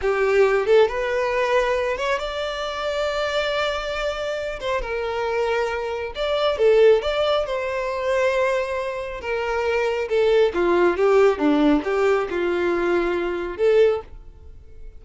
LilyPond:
\new Staff \with { instrumentName = "violin" } { \time 4/4 \tempo 4 = 137 g'4. a'8 b'2~ | b'8 cis''8 d''2.~ | d''2~ d''8 c''8 ais'4~ | ais'2 d''4 a'4 |
d''4 c''2.~ | c''4 ais'2 a'4 | f'4 g'4 d'4 g'4 | f'2. a'4 | }